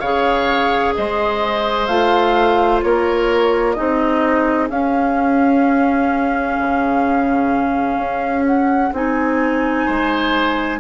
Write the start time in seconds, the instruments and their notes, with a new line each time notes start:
0.00 bassoon C#3, clarinet G#4, oboe C#5, flute F5
0.95 bassoon G#3, oboe C5, flute D#5
1.87 bassoon A3, clarinet F4, flute F5
2.83 bassoon A#3, oboe A#4, flute C#5
3.74 bassoon C4, clarinet D#4, oboe G#4, flute D#5
4.70 bassoon C#4, clarinet C#4, flute F5
6.59 bassoon C#3
7.97 bassoon C#4
8.46 flute F#5
8.93 bassoon C4, clarinet D#4, flute G#5
9.86 bassoon G#3, oboe C5